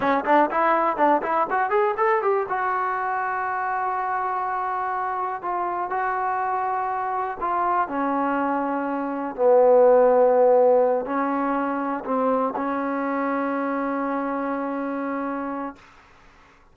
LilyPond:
\new Staff \with { instrumentName = "trombone" } { \time 4/4 \tempo 4 = 122 cis'8 d'8 e'4 d'8 e'8 fis'8 gis'8 | a'8 g'8 fis'2.~ | fis'2. f'4 | fis'2. f'4 |
cis'2. b4~ | b2~ b8 cis'4.~ | cis'8 c'4 cis'2~ cis'8~ | cis'1 | }